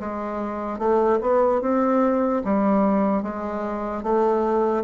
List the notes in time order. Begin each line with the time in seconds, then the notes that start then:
0.00 G#3
0.79 A3
1.21 B3
1.62 C4
2.44 G3
3.23 G#3
4.03 A3